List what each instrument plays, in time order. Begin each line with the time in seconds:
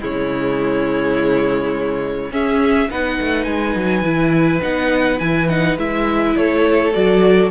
0.00 cello C#3, viola G#3, violin E4 C#5
2.31 cello C#4, viola C#4, violin G#4 E5
2.90 cello B3, viola D#4, violin B4 F#5
3.20 cello A3
3.44 cello G#3, violin G#5
3.75 cello F#3
4.02 cello E3, viola E4
4.62 cello B3, viola D#4, violin F#5
5.19 cello E3, viola E4, violin G#5
5.49 viola D#4, violin F#5
5.77 cello G#3, viola E4, violin E5
6.36 cello A3, violin A4 C#5
6.93 cello F#3, viola F#4, violin D5